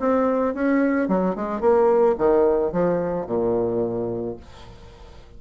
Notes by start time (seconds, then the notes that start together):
0.00 C4
0.54 C#4
1.08 F#3
1.36 G#3
1.61 A#3
2.18 D#3
2.72 F3
3.27 A#2